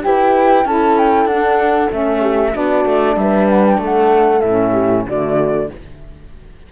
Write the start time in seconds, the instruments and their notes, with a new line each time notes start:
0.00 cello E4, saxophone G4, horn B4, flute G5
0.65 cello C#4, saxophone E4, horn A4, flute A5
0.98 flute G5
1.26 cello D4, saxophone D4, flute F#5
1.91 cello A3, saxophone C#4, flute E5
2.21 horn G4
2.52 cello B3, saxophone D4, horn F#4, flute D5
2.85 cello A3
3.16 cello G3, horn B4, flute E5
3.50 flute F#5
3.66 flute G5
3.78 cello A3, horn A4
3.85 flute F#5
4.41 cello A2, flute E5
4.47 saxophone C#4
4.72 horn G4
5.07 cello D3, saxophone A3, horn F#4, flute D5